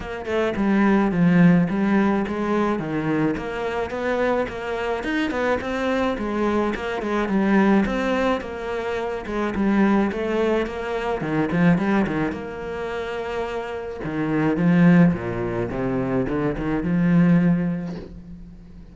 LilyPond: \new Staff \with { instrumentName = "cello" } { \time 4/4 \tempo 4 = 107 ais8 a8 g4 f4 g4 | gis4 dis4 ais4 b4 | ais4 dis'8 b8 c'4 gis4 | ais8 gis8 g4 c'4 ais4~ |
ais8 gis8 g4 a4 ais4 | dis8 f8 g8 dis8 ais2~ | ais4 dis4 f4 ais,4 | c4 d8 dis8 f2 | }